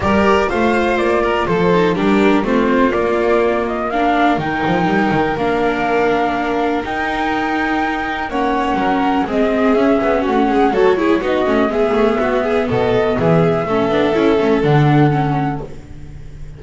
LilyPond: <<
  \new Staff \with { instrumentName = "flute" } { \time 4/4 \tempo 4 = 123 d''4 f''4 d''4 c''4 | ais'4 c''4 d''4. dis''8 | f''4 g''2 f''4~ | f''2 g''2~ |
g''4 fis''2 dis''4 | e''4 fis''4 cis''4 dis''4 | e''2 dis''4 e''4~ | e''2 fis''2 | }
  \new Staff \with { instrumentName = "violin" } { \time 4/4 ais'4 c''4. ais'8 a'4 | g'4 f'2. | ais'1~ | ais'1~ |
ais'4 cis''4 ais'4 gis'4~ | gis'4 fis'8 gis'8 a'8 gis'8 fis'4 | gis'4 fis'8 gis'8 a'4 gis'4 | a'1 | }
  \new Staff \with { instrumentName = "viola" } { \time 4/4 g'4 f'2~ f'8 dis'8 | d'4 c'4 ais2 | d'4 dis'2 d'4~ | d'2 dis'2~ |
dis'4 cis'2 c'4 | cis'2 fis'8 e'8 dis'8 cis'8 | b1 | cis'8 d'8 e'8 cis'8 d'4 cis'4 | }
  \new Staff \with { instrumentName = "double bass" } { \time 4/4 g4 a4 ais4 f4 | g4 a4 ais2~ | ais4 dis8 f8 g8 dis8 ais4~ | ais2 dis'2~ |
dis'4 ais4 fis4 gis4 | cis'8 b8 a8 gis8 fis4 b8 a8 | gis8 a8 b4 b,4 e4 | a8 b8 cis'8 a8 d2 | }
>>